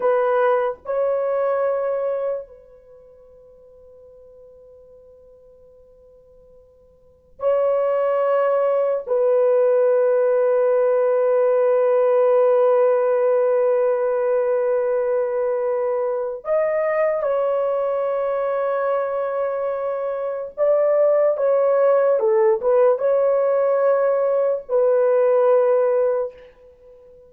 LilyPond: \new Staff \with { instrumentName = "horn" } { \time 4/4 \tempo 4 = 73 b'4 cis''2 b'4~ | b'1~ | b'4 cis''2 b'4~ | b'1~ |
b'1 | dis''4 cis''2.~ | cis''4 d''4 cis''4 a'8 b'8 | cis''2 b'2 | }